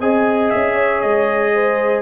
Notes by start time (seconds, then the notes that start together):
0.00 C4 G#4 D#5 G#5
0.50 C#4 E5
0.74 C#5
1.00 G#3 D#5
1.53 C5